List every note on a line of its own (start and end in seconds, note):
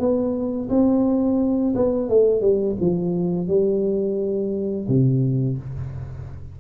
0.00 0.70 B3
0.70 1.75 C4
1.76 2.10 B3
2.10 2.42 A3
2.42 2.77 G3
2.81 3.48 F3
3.48 4.87 G3
4.89 5.58 C3